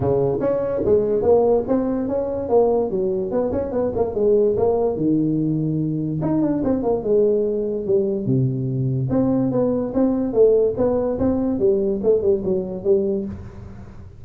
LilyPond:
\new Staff \with { instrumentName = "tuba" } { \time 4/4 \tempo 4 = 145 cis4 cis'4 gis4 ais4 | c'4 cis'4 ais4 fis4 | b8 cis'8 b8 ais8 gis4 ais4 | dis2. dis'8 d'8 |
c'8 ais8 gis2 g4 | c2 c'4 b4 | c'4 a4 b4 c'4 | g4 a8 g8 fis4 g4 | }